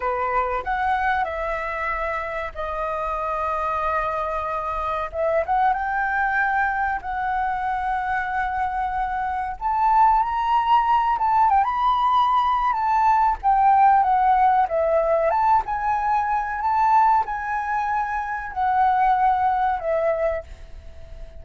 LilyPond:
\new Staff \with { instrumentName = "flute" } { \time 4/4 \tempo 4 = 94 b'4 fis''4 e''2 | dis''1 | e''8 fis''8 g''2 fis''4~ | fis''2. a''4 |
ais''4. a''8 g''16 b''4.~ b''16 | a''4 g''4 fis''4 e''4 | a''8 gis''4. a''4 gis''4~ | gis''4 fis''2 e''4 | }